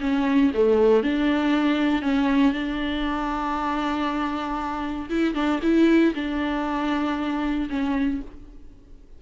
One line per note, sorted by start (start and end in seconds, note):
0.00 0.51 C#4
0.54 1.03 A3
1.03 2.02 D4
2.02 2.53 C#4
2.53 5.09 D4
5.09 5.34 E4
5.34 5.60 D4
5.62 6.14 E4
6.14 7.68 D4
7.69 8.21 C#4